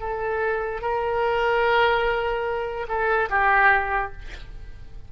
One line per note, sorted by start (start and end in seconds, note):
0.00 0.81 A4
0.81 2.87 A#4
2.88 3.30 A4
3.30 4.12 G4